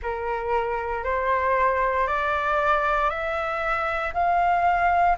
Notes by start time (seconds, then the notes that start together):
0.02 A#4
1.03 C5
2.07 D5
3.09 E5
4.13 F5